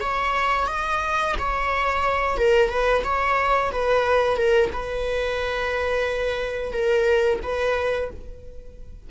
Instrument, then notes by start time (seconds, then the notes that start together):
viola
0.00 C#5
0.67 D#5
1.39 C#5
2.37 A#4
2.69 B4
3.04 C#5
3.72 B4
4.37 A#4
4.73 B4
6.72 A#4
7.43 B4